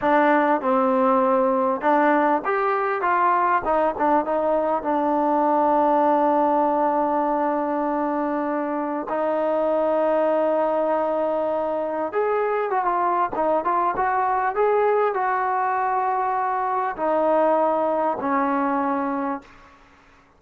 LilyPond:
\new Staff \with { instrumentName = "trombone" } { \time 4/4 \tempo 4 = 99 d'4 c'2 d'4 | g'4 f'4 dis'8 d'8 dis'4 | d'1~ | d'2. dis'4~ |
dis'1 | gis'4 fis'16 f'8. dis'8 f'8 fis'4 | gis'4 fis'2. | dis'2 cis'2 | }